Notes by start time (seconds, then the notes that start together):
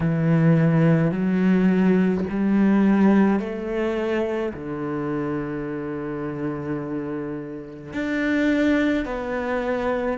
0.00 E3
1.11 F#3
2.29 G3
3.40 A3
4.53 D3
7.93 D4
9.05 B3